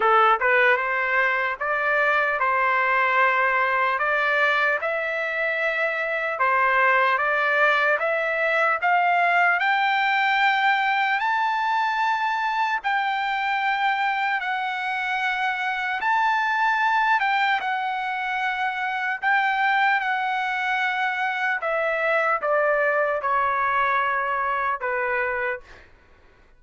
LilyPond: \new Staff \with { instrumentName = "trumpet" } { \time 4/4 \tempo 4 = 75 a'8 b'8 c''4 d''4 c''4~ | c''4 d''4 e''2 | c''4 d''4 e''4 f''4 | g''2 a''2 |
g''2 fis''2 | a''4. g''8 fis''2 | g''4 fis''2 e''4 | d''4 cis''2 b'4 | }